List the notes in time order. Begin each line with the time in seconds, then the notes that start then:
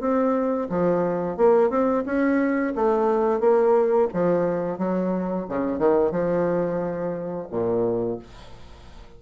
0.00 C4
0.69 F3
1.37 A#3
1.70 C4
2.05 C#4
2.75 A3
3.40 A#3
4.13 F3
4.78 F#3
5.48 C#3
5.78 D#3
6.11 F3
7.50 A#2